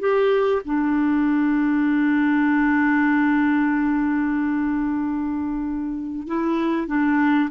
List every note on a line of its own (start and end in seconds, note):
0.00 0.62 G4
0.65 6.28 D4
6.28 6.88 E4
6.88 7.50 D4